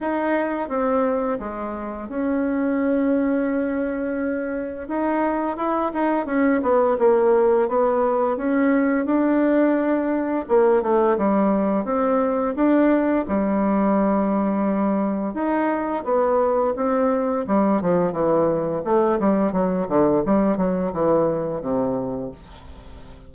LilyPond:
\new Staff \with { instrumentName = "bassoon" } { \time 4/4 \tempo 4 = 86 dis'4 c'4 gis4 cis'4~ | cis'2. dis'4 | e'8 dis'8 cis'8 b8 ais4 b4 | cis'4 d'2 ais8 a8 |
g4 c'4 d'4 g4~ | g2 dis'4 b4 | c'4 g8 f8 e4 a8 g8 | fis8 d8 g8 fis8 e4 c4 | }